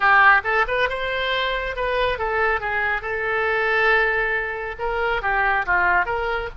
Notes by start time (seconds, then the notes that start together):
0.00 G4
0.44 A4
0.67 B4
0.89 C5
1.75 B4
2.18 A4
2.60 G#4
3.01 A4
4.78 A#4
5.22 G4
5.66 F4
6.05 A#4